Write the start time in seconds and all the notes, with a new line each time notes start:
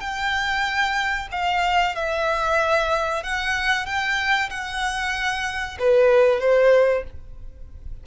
0.00 G5
1.31 F5
1.95 E5
3.23 F#5
3.86 G5
4.50 F#5
5.79 B4
6.40 C5